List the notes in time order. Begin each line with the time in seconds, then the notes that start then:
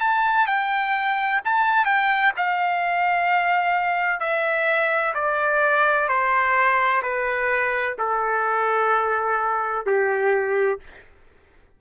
0.00 A5
0.47 G5
1.44 A5
1.85 G5
2.37 F5
4.20 E5
5.14 D5
6.08 C5
7.02 B4
7.98 A4
9.86 G4